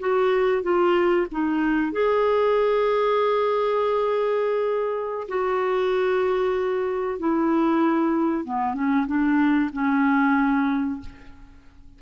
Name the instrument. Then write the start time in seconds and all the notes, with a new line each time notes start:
clarinet
0.00 F#4
0.63 F4
1.32 D#4
1.93 G#4
5.29 F#4
7.19 E4
8.45 B3
8.74 C#4
9.07 D4
9.73 C#4